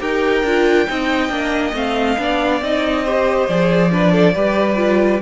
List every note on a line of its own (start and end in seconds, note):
0.00 0.43 D#4
0.00 0.43 G4
0.00 0.87 A#4
0.00 1.76 G5
0.43 0.87 D4
0.43 0.88 F4
0.88 1.29 C4
0.88 1.30 D#4
0.88 2.21 D#5
1.29 1.73 A#3
1.29 1.73 D4
1.74 2.17 A3
1.74 2.17 C4
1.74 2.63 F5
2.18 2.61 B3
2.18 2.62 D4
2.18 3.04 D5
2.61 3.48 C4
2.61 3.06 D#4
2.61 3.49 D#5
3.04 3.49 G4
3.04 3.91 C5
3.49 4.35 F3
3.49 3.91 G#4
3.49 5.22 D5
3.91 4.35 D4
3.91 4.12 B4
4.12 4.34 A4
4.34 5.22 G3
4.34 4.76 G4
4.34 5.21 B4
4.76 5.20 F4